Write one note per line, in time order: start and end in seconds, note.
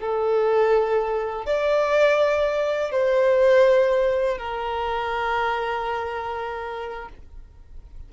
0.00 1.46 A4
1.46 2.91 D5
2.91 4.38 C5
4.38 7.08 A#4